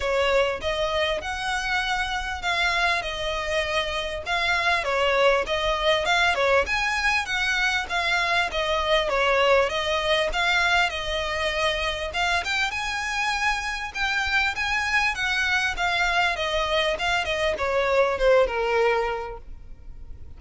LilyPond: \new Staff \with { instrumentName = "violin" } { \time 4/4 \tempo 4 = 99 cis''4 dis''4 fis''2 | f''4 dis''2 f''4 | cis''4 dis''4 f''8 cis''8 gis''4 | fis''4 f''4 dis''4 cis''4 |
dis''4 f''4 dis''2 | f''8 g''8 gis''2 g''4 | gis''4 fis''4 f''4 dis''4 | f''8 dis''8 cis''4 c''8 ais'4. | }